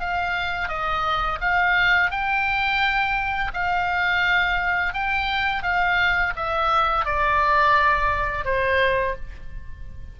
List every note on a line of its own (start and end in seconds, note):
0.00 0.68 F5
0.68 1.39 D#5
1.41 2.10 F5
2.10 3.52 G5
3.53 4.93 F5
4.93 5.62 G5
5.62 6.33 F5
6.36 7.05 E5
7.05 8.44 D5
8.44 9.15 C5